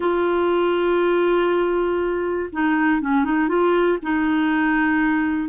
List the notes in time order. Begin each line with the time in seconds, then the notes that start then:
0.00 F4
2.52 D#4
3.01 C#4
3.24 D#4
3.48 F4
4.02 D#4